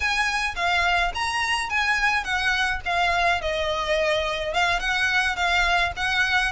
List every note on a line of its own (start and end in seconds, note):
0.00 0.54 G#5
0.55 1.12 F5
1.14 1.69 A#5
1.69 2.24 G#5
2.24 2.80 F#5
2.85 3.41 F5
3.41 4.53 D#5
4.53 4.79 F5
4.79 5.35 F#5
5.35 5.92 F5
5.96 6.51 F#5